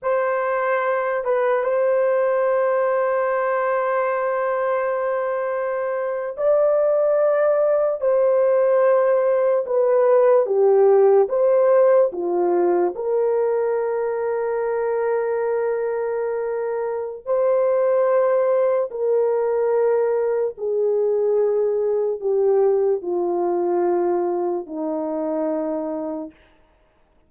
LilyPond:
\new Staff \with { instrumentName = "horn" } { \time 4/4 \tempo 4 = 73 c''4. b'8 c''2~ | c''2.~ c''8. d''16~ | d''4.~ d''16 c''2 b'16~ | b'8. g'4 c''4 f'4 ais'16~ |
ais'1~ | ais'4 c''2 ais'4~ | ais'4 gis'2 g'4 | f'2 dis'2 | }